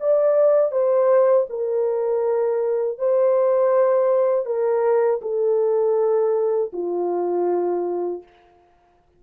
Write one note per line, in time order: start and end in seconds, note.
0.00 0.72 D5
0.72 1.47 C5
1.50 2.99 A#4
2.99 4.46 C5
4.46 5.21 A#4
5.22 6.72 A4
6.73 8.23 F4